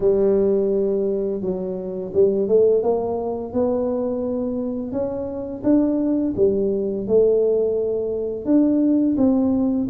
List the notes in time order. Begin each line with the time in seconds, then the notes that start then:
0.00 G3
1.41 F#3
2.13 G3
2.48 A3
2.82 A#3
3.52 B3
4.92 C#4
5.63 D4
6.36 G3
7.07 A3
8.45 D4
9.17 C4